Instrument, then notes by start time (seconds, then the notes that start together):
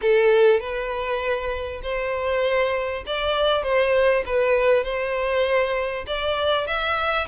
violin
0.01 A4
0.60 B4
1.82 C5
3.06 D5
3.63 C5
4.26 B4
4.84 C5
6.07 D5
6.66 E5